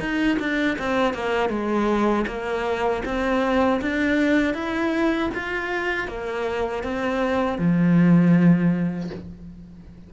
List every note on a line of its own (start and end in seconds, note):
0.00 0.38 D#4
0.40 0.78 D4
0.79 1.14 C4
1.14 1.50 A#3
1.50 2.26 G#3
2.28 3.03 A#3
3.05 3.81 C4
3.81 4.54 D4
4.54 5.30 E4
5.34 6.08 F4
6.08 6.84 A#3
6.84 7.58 C4
7.58 9.10 F3